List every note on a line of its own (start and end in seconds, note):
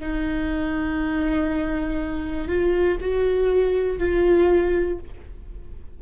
0.00 2.48 D#4
2.48 2.98 F4
3.00 3.99 F#4
3.99 4.99 F4